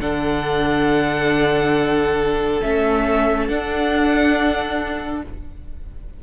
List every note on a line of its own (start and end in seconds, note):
0.00 2.61 D3
0.00 2.62 D4
0.00 5.23 A4
0.00 2.61 F#5
2.62 3.49 A3
2.62 3.49 C#4
2.62 3.48 E5
3.48 5.23 D4
3.48 5.22 F#5